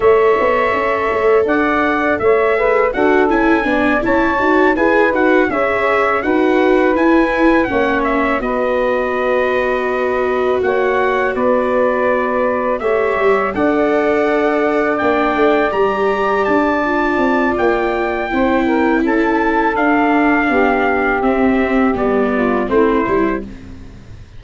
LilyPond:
<<
  \new Staff \with { instrumentName = "trumpet" } { \time 4/4 \tempo 4 = 82 e''2 fis''4 e''4 | fis''8 gis''4 a''4 gis''8 fis''8 e''8~ | e''8 fis''4 gis''4 fis''8 e''8 dis''8~ | dis''2~ dis''8 fis''4 d''8~ |
d''4. e''4 fis''4.~ | fis''8 g''4 ais''4 a''4. | g''2 a''4 f''4~ | f''4 e''4 d''4 c''4 | }
  \new Staff \with { instrumentName = "saxophone" } { \time 4/4 cis''2 d''4 cis''8 b'8 | a'4 d''8 cis''4 b'4 cis''8~ | cis''8 b'2 cis''4 b'8~ | b'2~ b'8 cis''4 b'8~ |
b'4. cis''4 d''4.~ | d''1~ | d''4 c''8 ais'8 a'2 | g'2~ g'8 f'8 e'4 | }
  \new Staff \with { instrumentName = "viola" } { \time 4/4 a'2.~ a'8 gis'8 | fis'8 e'8 d'8 e'8 fis'8 gis'8 fis'8 gis'8~ | gis'8 fis'4 e'4 cis'4 fis'8~ | fis'1~ |
fis'4. g'4 a'4.~ | a'8 d'4 g'4. f'4~ | f'4 e'2 d'4~ | d'4 c'4 b4 c'8 e'8 | }
  \new Staff \with { instrumentName = "tuba" } { \time 4/4 a8 b8 cis'8 a8 d'4 a4 | d'8 cis'8 b8 cis'8 dis'8 e'8 dis'8 cis'8~ | cis'8 dis'4 e'4 ais4 b8~ | b2~ b8 ais4 b8~ |
b4. a8 g8 d'4.~ | d'8 ais8 a8 g4 d'4 c'8 | ais4 c'4 cis'4 d'4 | b4 c'4 g4 a8 g8 | }
>>